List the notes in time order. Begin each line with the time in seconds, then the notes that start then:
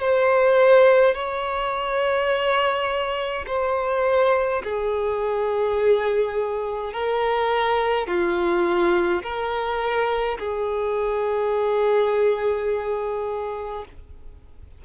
0.00 C5
1.14 C#5
3.47 C5
4.64 G#4
6.93 A#4
8.07 F4
9.23 A#4
10.38 G#4